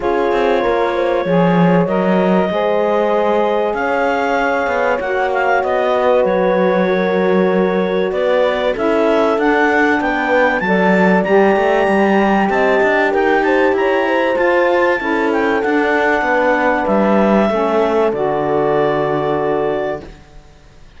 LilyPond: <<
  \new Staff \with { instrumentName = "clarinet" } { \time 4/4 \tempo 4 = 96 cis''2. dis''4~ | dis''2 f''2 | fis''8 f''8 dis''4 cis''2~ | cis''4 d''4 e''4 fis''4 |
g''4 a''4 ais''2 | a''4 g''8 a''8 ais''4 a''4~ | a''8 g''8 fis''2 e''4~ | e''4 d''2. | }
  \new Staff \with { instrumentName = "horn" } { \time 4/4 gis'4 ais'8 c''8 cis''2 | c''2 cis''2~ | cis''4. b'4. ais'4~ | ais'4 b'4 a'2 |
b'4 d''2. | dis''4 ais'8 c''8 cis''8 c''4. | a'2 b'2 | a'1 | }
  \new Staff \with { instrumentName = "saxophone" } { \time 4/4 f'2 gis'4 ais'4 | gis'1 | fis'1~ | fis'2 e'4 d'4~ |
d'4 a'4 g'2~ | g'2. f'4 | e'4 d'2. | cis'4 fis'2. | }
  \new Staff \with { instrumentName = "cello" } { \time 4/4 cis'8 c'8 ais4 f4 fis4 | gis2 cis'4. b8 | ais4 b4 fis2~ | fis4 b4 cis'4 d'4 |
b4 fis4 g8 a8 g4 | c'8 d'8 dis'4 e'4 f'4 | cis'4 d'4 b4 g4 | a4 d2. | }
>>